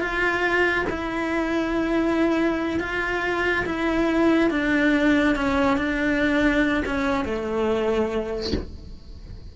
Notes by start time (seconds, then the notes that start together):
0.00 F4
0.90 E4
2.80 F4
3.66 E4
4.50 D4
5.36 C#4
5.77 D4
6.85 C#4
7.25 A3